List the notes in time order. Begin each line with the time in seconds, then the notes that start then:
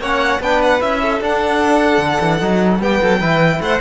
0.00 A#3 C#4 C#5 F#5
0.40 B3 D4 B4 G5
0.62 F#5
0.81 C#4 E4 E5
1.02 A4
1.21 D4 F#5
1.98 D3
2.21 E3
2.40 F#3 D#4
2.80 G3 B3 G4 G5
3.02 F#3 A4
3.20 E3 E4 B4
3.61 A3 C5 F#5